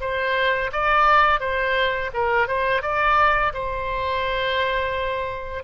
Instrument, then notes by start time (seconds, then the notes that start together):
oboe
0.00 C5
0.72 D5
1.39 C5
2.13 A#4
2.47 C5
2.82 D5
3.53 C5